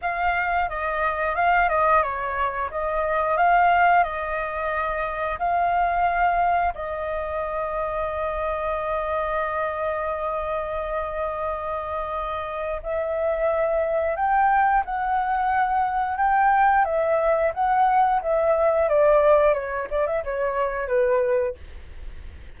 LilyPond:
\new Staff \with { instrumentName = "flute" } { \time 4/4 \tempo 4 = 89 f''4 dis''4 f''8 dis''8 cis''4 | dis''4 f''4 dis''2 | f''2 dis''2~ | dis''1~ |
dis''2. e''4~ | e''4 g''4 fis''2 | g''4 e''4 fis''4 e''4 | d''4 cis''8 d''16 e''16 cis''4 b'4 | }